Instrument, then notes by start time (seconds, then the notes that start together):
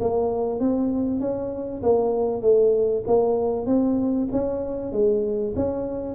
tuba
0.00 A#3
0.60 C4
1.20 C#4
1.82 A#3
2.42 A3
3.07 A#3
3.66 C4
4.32 C#4
4.92 G#3
5.56 C#4